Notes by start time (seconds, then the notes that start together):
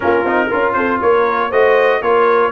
0.00 A#3 C#4 F4 A#4
0.24 C4 D#4
0.47 C#4 F4 A#4
0.72 C4 A4 C5
1.01 A#3 A#4 C#5
1.49 A3 F#4 C5 D#5
2.01 A#3 F4 A#4 C#5